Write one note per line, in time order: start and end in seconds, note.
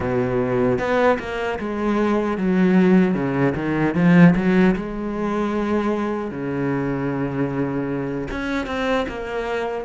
0.00 0.78 B2
0.78 1.18 B3
1.19 1.58 A#3
1.59 2.37 G#3
2.37 3.14 F#3
3.14 3.53 C#3
3.55 3.94 D#3
3.95 4.34 F3
4.35 4.75 F#3
4.75 6.31 G#3
6.31 8.28 C#3
8.31 8.66 C#4
8.66 9.06 C4
9.08 9.85 A#3